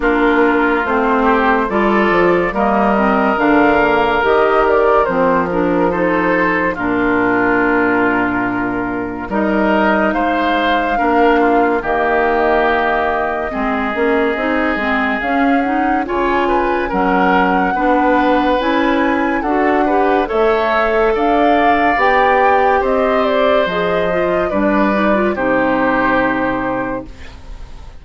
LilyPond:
<<
  \new Staff \with { instrumentName = "flute" } { \time 4/4 \tempo 4 = 71 ais'4 c''4 d''4 dis''4 | f''4 dis''8 d''8 c''8 ais'8 c''4 | ais'2. dis''4 | f''2 dis''2~ |
dis''2 f''8 fis''8 gis''4 | fis''2 gis''4 fis''4 | e''4 f''4 g''4 dis''8 d''8 | dis''4 d''4 c''2 | }
  \new Staff \with { instrumentName = "oboe" } { \time 4/4 f'4. g'8 a'4 ais'4~ | ais'2. a'4 | f'2. ais'4 | c''4 ais'8 f'8 g'2 |
gis'2. cis''8 b'8 | ais'4 b'2 a'8 b'8 | cis''4 d''2 c''4~ | c''4 b'4 g'2 | }
  \new Staff \with { instrumentName = "clarinet" } { \time 4/4 d'4 c'4 f'4 ais8 c'8 | d'8 ais8 g'4 c'8 d'8 dis'4 | d'2. dis'4~ | dis'4 d'4 ais2 |
c'8 cis'8 dis'8 c'8 cis'8 dis'8 f'4 | cis'4 d'4 e'4 fis'8 g'8 | a'2 g'2 | gis'8 f'8 d'8 dis'16 f'16 dis'2 | }
  \new Staff \with { instrumentName = "bassoon" } { \time 4/4 ais4 a4 g8 f8 g4 | d4 dis4 f2 | ais,2. g4 | gis4 ais4 dis2 |
gis8 ais8 c'8 gis8 cis'4 cis4 | fis4 b4 cis'4 d'4 | a4 d'4 b4 c'4 | f4 g4 c2 | }
>>